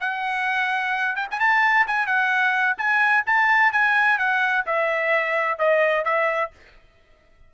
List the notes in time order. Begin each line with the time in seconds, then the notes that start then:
0.00 F#5
1.16 G5
1.31 G#5
1.40 A5
1.87 G#5
2.07 F#5
2.78 G#5
3.26 A5
3.72 G#5
4.18 F#5
4.66 E5
5.59 D#5
6.05 E5